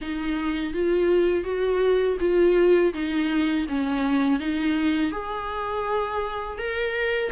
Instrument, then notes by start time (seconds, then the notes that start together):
viola
0.01 D#4
0.73 F4
1.44 F#4
2.20 F4
2.93 D#4
3.68 C#4
4.39 D#4
5.11 G#4
6.58 A#4